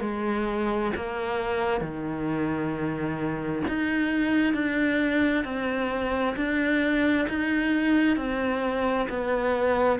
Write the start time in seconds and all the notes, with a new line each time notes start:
0.00 G#3
0.95 A#3
1.80 D#3
3.67 D#4
4.53 D4
5.44 C4
6.36 D4
7.28 D#4
8.17 C4
9.09 B3